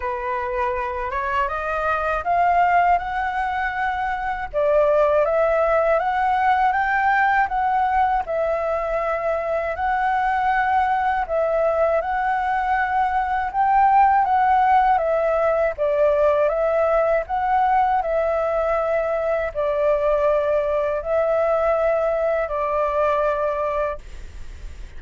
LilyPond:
\new Staff \with { instrumentName = "flute" } { \time 4/4 \tempo 4 = 80 b'4. cis''8 dis''4 f''4 | fis''2 d''4 e''4 | fis''4 g''4 fis''4 e''4~ | e''4 fis''2 e''4 |
fis''2 g''4 fis''4 | e''4 d''4 e''4 fis''4 | e''2 d''2 | e''2 d''2 | }